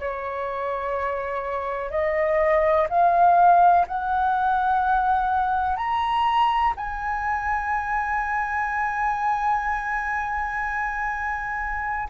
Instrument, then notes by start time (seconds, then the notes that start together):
flute
0.00 C#5
1.91 D#5
2.90 F5
3.88 F#5
5.77 A#5
6.77 G#5